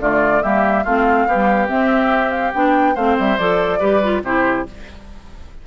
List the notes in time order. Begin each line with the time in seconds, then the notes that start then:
0.00 D3 A3 F4 D5
0.43 G3 A#3 G4 E5
0.84 A3 C4 F4 F5
1.27 G3 B3 G4
1.69 C4 E5
2.31 F5
2.54 B3 D4 G5
2.95 A3 C4 C5 F5
3.19 G3 E5
3.38 F3 A4 D5
3.80 G3 G4 B4
4.03 F4
4.23 C3 E4 G4 C5